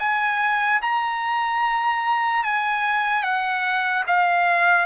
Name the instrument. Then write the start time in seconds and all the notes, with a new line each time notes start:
trumpet
0.00 G#5
0.82 A#5
2.44 G#5
3.23 F#5
4.08 F5